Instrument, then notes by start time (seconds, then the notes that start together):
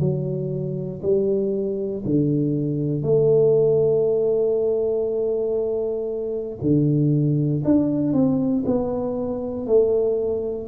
tuba
0.00 F#3
1.03 G3
2.05 D3
3.03 A3
6.61 D3
7.65 D4
8.14 C4
8.66 B3
9.67 A3